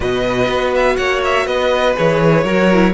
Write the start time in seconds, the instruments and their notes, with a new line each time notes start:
0.00 cello B2, viola F#4, violin B4 D#5
0.48 cello B3
0.74 violin E5
0.96 cello A#3, violin C#5 F#5
1.24 violin E5
1.46 cello B3, violin B4 D#5
1.95 cello E3, viola G#4, violin C#5
2.43 cello F#3, viola F#4, violin A#4
2.72 viola E4